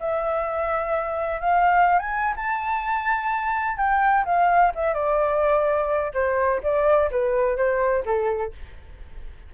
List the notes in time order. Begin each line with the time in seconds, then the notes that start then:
0.00 E5
1.41 F5
1.99 G#5
2.36 A5
3.78 G5
4.25 F5
4.75 E5
4.94 D5
6.14 C5
6.63 D5
7.11 B4
7.57 C5
8.06 A4